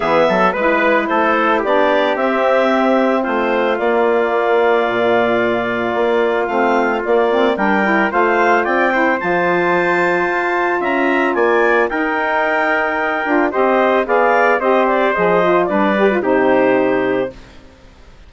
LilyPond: <<
  \new Staff \with { instrumentName = "clarinet" } { \time 4/4 \tempo 4 = 111 e''4 b'4 c''4 d''4 | e''2 c''4 d''4~ | d''1 | f''4 d''4 g''4 f''4 |
g''4 a''2. | ais''4 gis''4 g''2~ | g''4 dis''4 f''4 dis''8 d''8 | dis''4 d''4 c''2 | }
  \new Staff \with { instrumentName = "trumpet" } { \time 4/4 gis'8 a'8 b'4 a'4 g'4~ | g'2 f'2~ | f'1~ | f'2 ais'4 c''4 |
d''8 c''2.~ c''8 | e''4 d''4 ais'2~ | ais'4 c''4 d''4 c''4~ | c''4 b'4 g'2 | }
  \new Staff \with { instrumentName = "saxophone" } { \time 4/4 b4 e'2 d'4 | c'2. ais4~ | ais1 | c'4 ais8 c'8 d'8 e'8 f'4~ |
f'8 e'8 f'2.~ | f'2 dis'2~ | dis'8 f'8 g'4 gis'4 g'4 | gis'8 f'8 d'8 g'16 f'16 dis'2 | }
  \new Staff \with { instrumentName = "bassoon" } { \time 4/4 e8 fis8 gis4 a4 b4 | c'2 a4 ais4~ | ais4 ais,2 ais4 | a4 ais4 g4 a4 |
c'4 f2 f'4 | cis'4 ais4 dis'2~ | dis'8 d'8 c'4 b4 c'4 | f4 g4 c2 | }
>>